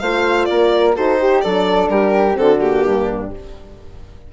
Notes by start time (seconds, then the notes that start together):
0.00 A3 F4 C5 F5
0.46 A#3 A#4 D5
0.96 D#4 F#4 A4 C5
1.20 G4
1.42 F#3 D4 A4 D5
1.88 G3 G4 A#4
2.34 D3 C4 F#4 A4
2.60 A#3 G4
2.85 G2 D4